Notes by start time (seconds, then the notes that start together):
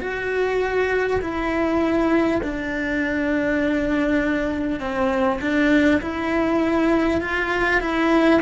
0.00 F#4
1.21 E4
2.42 D4
4.79 C4
5.41 D4
6.01 E4
7.21 F4
7.81 E4